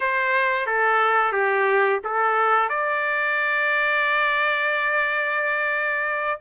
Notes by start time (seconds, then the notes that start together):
0.00 C5
0.66 A4
1.32 G4
2.03 A4
2.69 D5